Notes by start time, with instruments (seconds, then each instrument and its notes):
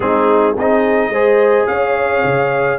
0.00 tuba G#3, trombone C4, horn D#4, trumpet G#4
0.54 tuba C4, horn G#4, trumpet D#5
0.61 trombone D#4
1.09 tuba G#3, trombone G#4, horn C5
1.66 tuba C#4, horn C#5, trumpet F5
2.24 tuba C#3